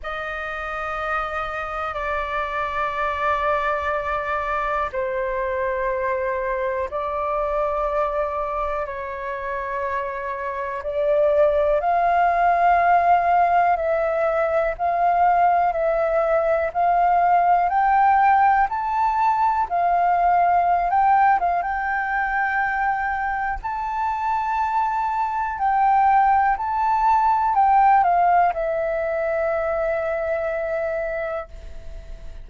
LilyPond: \new Staff \with { instrumentName = "flute" } { \time 4/4 \tempo 4 = 61 dis''2 d''2~ | d''4 c''2 d''4~ | d''4 cis''2 d''4 | f''2 e''4 f''4 |
e''4 f''4 g''4 a''4 | f''4~ f''16 g''8 f''16 g''2 | a''2 g''4 a''4 | g''8 f''8 e''2. | }